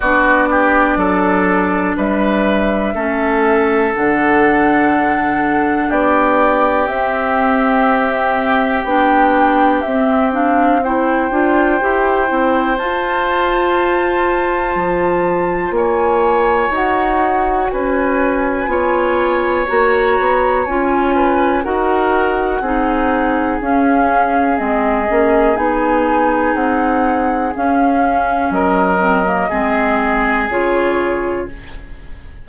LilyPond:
<<
  \new Staff \with { instrumentName = "flute" } { \time 4/4 \tempo 4 = 61 d''2 e''2 | fis''2 d''4 e''4~ | e''4 g''4 e''8 f''8 g''4~ | g''4 a''2. |
gis''4 fis''4 gis''2 | ais''4 gis''4 fis''2 | f''4 dis''4 gis''4 fis''4 | f''4 dis''2 cis''4 | }
  \new Staff \with { instrumentName = "oboe" } { \time 4/4 fis'8 g'8 a'4 b'4 a'4~ | a'2 g'2~ | g'2. c''4~ | c''1 |
cis''2 b'4 cis''4~ | cis''4. b'8 ais'4 gis'4~ | gis'1~ | gis'4 ais'4 gis'2 | }
  \new Staff \with { instrumentName = "clarinet" } { \time 4/4 d'2. cis'4 | d'2. c'4~ | c'4 d'4 c'8 d'8 e'8 f'8 | g'8 e'8 f'2.~ |
f'4 fis'2 f'4 | fis'4 f'4 fis'4 dis'4 | cis'4 c'8 cis'8 dis'2 | cis'4. c'16 ais16 c'4 f'4 | }
  \new Staff \with { instrumentName = "bassoon" } { \time 4/4 b4 fis4 g4 a4 | d2 b4 c'4~ | c'4 b4 c'4. d'8 | e'8 c'8 f'2 f4 |
ais4 dis'4 cis'4 b4 | ais8 b8 cis'4 dis'4 c'4 | cis'4 gis8 ais8 b4 c'4 | cis'4 fis4 gis4 cis4 | }
>>